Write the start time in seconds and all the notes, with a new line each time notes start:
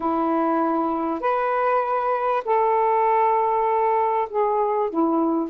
0.00 E4
1.20 B4
2.44 A4
4.29 G#4
4.90 E4